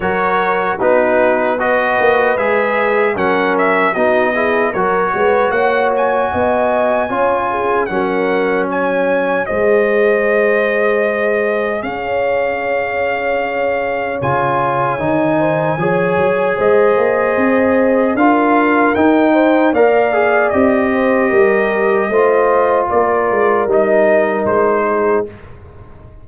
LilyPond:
<<
  \new Staff \with { instrumentName = "trumpet" } { \time 4/4 \tempo 4 = 76 cis''4 b'4 dis''4 e''4 | fis''8 e''8 dis''4 cis''4 fis''8 gis''8~ | gis''2 fis''4 gis''4 | dis''2. f''4~ |
f''2 gis''2~ | gis''4 dis''2 f''4 | g''4 f''4 dis''2~ | dis''4 d''4 dis''4 c''4 | }
  \new Staff \with { instrumentName = "horn" } { \time 4/4 ais'4 fis'4 b'2 | ais'4 fis'8 gis'8 ais'8 b'8 cis''4 | dis''4 cis''8 gis'8 ais'4 cis''4 | c''2. cis''4~ |
cis''2.~ cis''8 c''8 | cis''4 c''2 ais'4~ | ais'8 c''8 d''4. c''8 ais'4 | c''4 ais'2~ ais'8 gis'8 | }
  \new Staff \with { instrumentName = "trombone" } { \time 4/4 fis'4 dis'4 fis'4 gis'4 | cis'4 dis'8 e'8 fis'2~ | fis'4 f'4 cis'2 | gis'1~ |
gis'2 f'4 dis'4 | gis'2. f'4 | dis'4 ais'8 gis'8 g'2 | f'2 dis'2 | }
  \new Staff \with { instrumentName = "tuba" } { \time 4/4 fis4 b4. ais8 gis4 | fis4 b4 fis8 gis8 ais4 | b4 cis'4 fis2 | gis2. cis'4~ |
cis'2 cis4 dis4 | f8 fis8 gis8 ais8 c'4 d'4 | dis'4 ais4 c'4 g4 | a4 ais8 gis8 g4 gis4 | }
>>